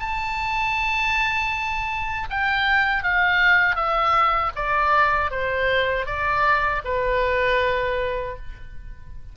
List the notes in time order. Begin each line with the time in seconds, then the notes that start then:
0.00 A5
2.31 G5
3.03 F5
3.76 E5
4.56 D5
5.31 C5
6.07 D5
6.85 B4